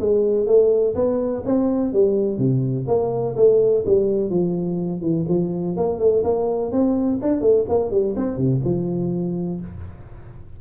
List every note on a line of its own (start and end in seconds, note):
0.00 0.47 G#3
0.47 0.95 A3
0.95 1.43 B3
1.46 1.93 C4
1.93 2.38 G3
2.38 2.86 C3
2.87 3.35 A#3
3.36 3.84 A3
3.86 4.30 G3
4.30 5.01 F3
5.01 5.25 E3
5.29 5.77 F3
5.77 5.99 A#3
5.99 6.23 A3
6.24 6.72 A#3
6.72 7.20 C4
7.22 7.41 D4
7.41 7.65 A3
7.69 7.91 A#3
7.91 8.15 G3
8.16 8.37 C4
8.37 8.61 C3
8.64 9.60 F3